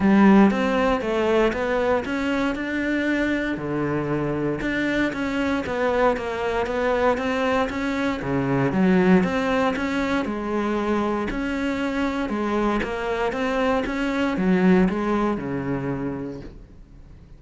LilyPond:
\new Staff \with { instrumentName = "cello" } { \time 4/4 \tempo 4 = 117 g4 c'4 a4 b4 | cis'4 d'2 d4~ | d4 d'4 cis'4 b4 | ais4 b4 c'4 cis'4 |
cis4 fis4 c'4 cis'4 | gis2 cis'2 | gis4 ais4 c'4 cis'4 | fis4 gis4 cis2 | }